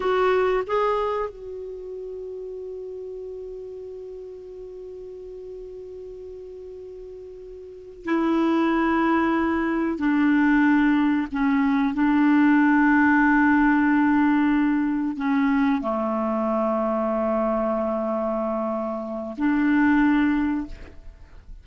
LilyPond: \new Staff \with { instrumentName = "clarinet" } { \time 4/4 \tempo 4 = 93 fis'4 gis'4 fis'2~ | fis'1~ | fis'1~ | fis'8 e'2. d'8~ |
d'4. cis'4 d'4.~ | d'2.~ d'8 cis'8~ | cis'8 a2.~ a8~ | a2 d'2 | }